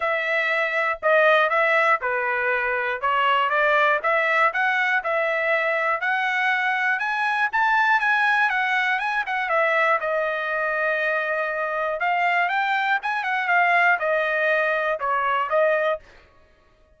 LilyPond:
\new Staff \with { instrumentName = "trumpet" } { \time 4/4 \tempo 4 = 120 e''2 dis''4 e''4 | b'2 cis''4 d''4 | e''4 fis''4 e''2 | fis''2 gis''4 a''4 |
gis''4 fis''4 gis''8 fis''8 e''4 | dis''1 | f''4 g''4 gis''8 fis''8 f''4 | dis''2 cis''4 dis''4 | }